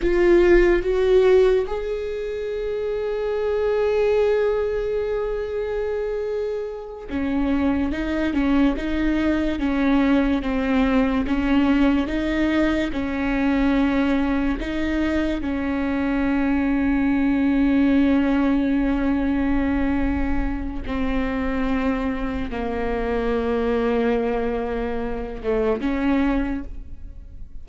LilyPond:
\new Staff \with { instrumentName = "viola" } { \time 4/4 \tempo 4 = 72 f'4 fis'4 gis'2~ | gis'1~ | gis'8 cis'4 dis'8 cis'8 dis'4 cis'8~ | cis'8 c'4 cis'4 dis'4 cis'8~ |
cis'4. dis'4 cis'4.~ | cis'1~ | cis'4 c'2 ais4~ | ais2~ ais8 a8 cis'4 | }